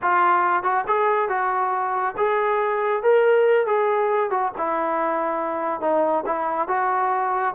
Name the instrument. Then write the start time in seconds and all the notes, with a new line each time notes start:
trombone
0.02 F4
0.63 F#4
0.87 G#4
1.28 F#4
2.17 G#4
3.02 A#4
3.66 G#4
4.30 F#4
4.57 E4
5.81 D#4
6.26 E4
6.68 F#4